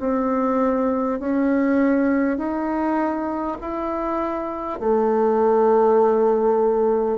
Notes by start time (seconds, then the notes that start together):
0.00 C4
1.20 C#4
2.38 D#4
3.62 E4
4.80 A3